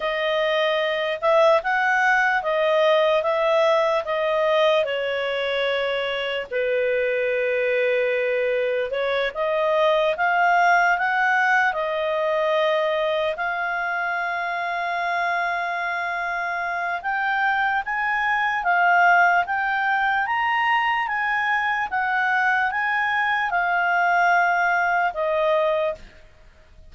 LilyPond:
\new Staff \with { instrumentName = "clarinet" } { \time 4/4 \tempo 4 = 74 dis''4. e''8 fis''4 dis''4 | e''4 dis''4 cis''2 | b'2. cis''8 dis''8~ | dis''8 f''4 fis''4 dis''4.~ |
dis''8 f''2.~ f''8~ | f''4 g''4 gis''4 f''4 | g''4 ais''4 gis''4 fis''4 | gis''4 f''2 dis''4 | }